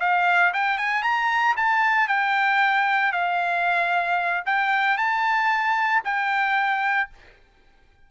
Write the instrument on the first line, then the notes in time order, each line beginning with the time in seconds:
trumpet
0.00 F5
0.53 G5
0.78 G#5
1.03 A#5
1.57 A5
2.08 G5
3.12 F5
4.46 G5
4.97 A5
6.04 G5